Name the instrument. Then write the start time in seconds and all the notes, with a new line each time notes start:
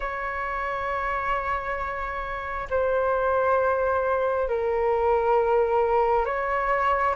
flute
0.00 C#5
2.69 C5
4.48 A#4
6.25 C#5